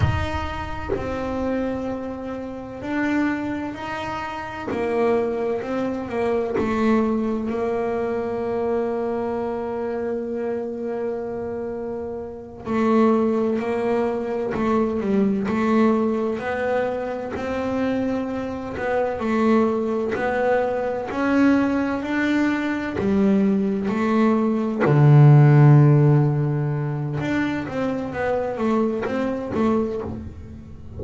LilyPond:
\new Staff \with { instrumentName = "double bass" } { \time 4/4 \tempo 4 = 64 dis'4 c'2 d'4 | dis'4 ais4 c'8 ais8 a4 | ais1~ | ais4. a4 ais4 a8 |
g8 a4 b4 c'4. | b8 a4 b4 cis'4 d'8~ | d'8 g4 a4 d4.~ | d4 d'8 c'8 b8 a8 c'8 a8 | }